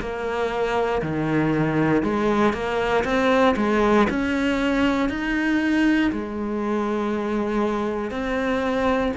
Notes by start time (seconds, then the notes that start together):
0.00 A#3
1.02 D#3
2.03 G#3
2.53 A#3
3.04 C4
3.57 G#3
4.10 C#4
5.09 D#4
6.12 G#3
8.11 C4